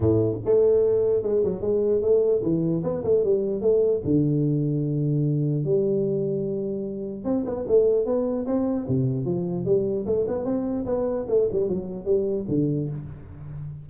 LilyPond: \new Staff \with { instrumentName = "tuba" } { \time 4/4 \tempo 4 = 149 a,4 a2 gis8 fis8 | gis4 a4 e4 b8 a8 | g4 a4 d2~ | d2 g2~ |
g2 c'8 b8 a4 | b4 c'4 c4 f4 | g4 a8 b8 c'4 b4 | a8 g8 fis4 g4 d4 | }